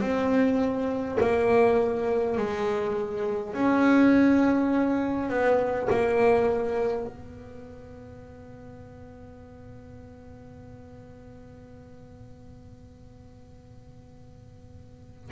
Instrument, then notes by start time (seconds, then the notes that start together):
double bass
0.00 C4
1.20 A#3
2.37 G#3
3.53 C#4
5.29 B3
5.89 A#3
7.06 B3